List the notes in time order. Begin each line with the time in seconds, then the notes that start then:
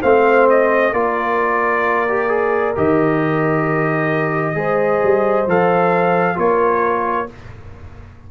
0.00 A3 C4 C5 F5
0.50 D#5
0.92 A#3 F4 A#4 D5
2.09 G4
2.28 G#4
2.76 D#3 G4 D#5
4.55 G#3 G#4 C5
5.03 G3
5.47 F3 A4 F5
6.35 A#3 F4 A#4 C#5